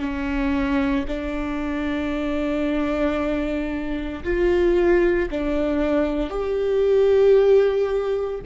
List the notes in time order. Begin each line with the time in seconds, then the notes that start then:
0.00 C#4
1.08 D4
4.24 F4
5.31 D4
6.30 G4